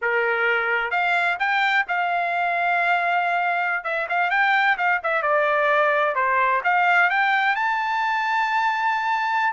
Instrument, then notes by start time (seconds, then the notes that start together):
trumpet
0.01 A#4
0.90 F5
1.39 G5
1.87 F5
3.84 E5
4.09 F5
4.30 G5
4.77 F5
5.03 E5
5.22 D5
6.15 C5
6.64 F5
7.10 G5
7.55 A5